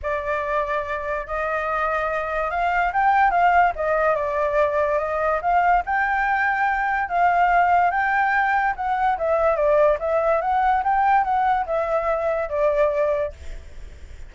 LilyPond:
\new Staff \with { instrumentName = "flute" } { \time 4/4 \tempo 4 = 144 d''2. dis''4~ | dis''2 f''4 g''4 | f''4 dis''4 d''2 | dis''4 f''4 g''2~ |
g''4 f''2 g''4~ | g''4 fis''4 e''4 d''4 | e''4 fis''4 g''4 fis''4 | e''2 d''2 | }